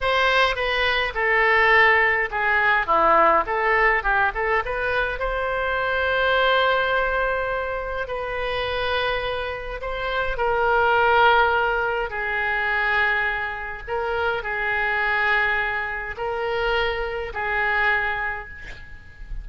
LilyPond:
\new Staff \with { instrumentName = "oboe" } { \time 4/4 \tempo 4 = 104 c''4 b'4 a'2 | gis'4 e'4 a'4 g'8 a'8 | b'4 c''2.~ | c''2 b'2~ |
b'4 c''4 ais'2~ | ais'4 gis'2. | ais'4 gis'2. | ais'2 gis'2 | }